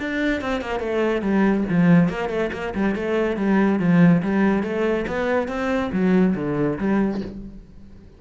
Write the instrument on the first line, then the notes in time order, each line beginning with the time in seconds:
cello
0.00 D4
0.41 C4
0.62 A#3
0.80 A3
1.22 G3
1.70 F3
2.09 A#3
2.30 A3
2.53 A#3
2.75 G3
2.95 A3
3.37 G3
3.80 F3
4.23 G3
4.63 A3
5.08 B3
5.49 C4
5.93 F#3
6.36 D3
6.79 G3